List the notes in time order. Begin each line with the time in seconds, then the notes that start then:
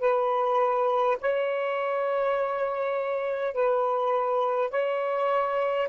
0.00 B4
1.21 C#5
3.54 B4
4.71 C#5